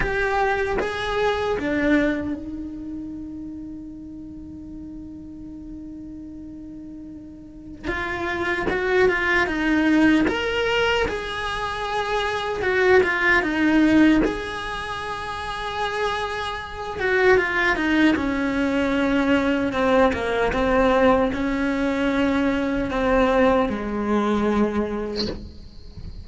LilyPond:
\new Staff \with { instrumentName = "cello" } { \time 4/4 \tempo 4 = 76 g'4 gis'4 d'4 dis'4~ | dis'1~ | dis'2 f'4 fis'8 f'8 | dis'4 ais'4 gis'2 |
fis'8 f'8 dis'4 gis'2~ | gis'4. fis'8 f'8 dis'8 cis'4~ | cis'4 c'8 ais8 c'4 cis'4~ | cis'4 c'4 gis2 | }